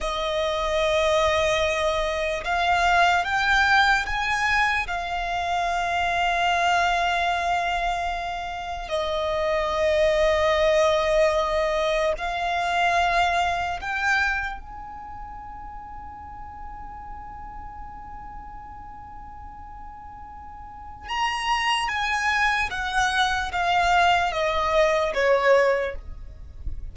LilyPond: \new Staff \with { instrumentName = "violin" } { \time 4/4 \tempo 4 = 74 dis''2. f''4 | g''4 gis''4 f''2~ | f''2. dis''4~ | dis''2. f''4~ |
f''4 g''4 gis''2~ | gis''1~ | gis''2 ais''4 gis''4 | fis''4 f''4 dis''4 cis''4 | }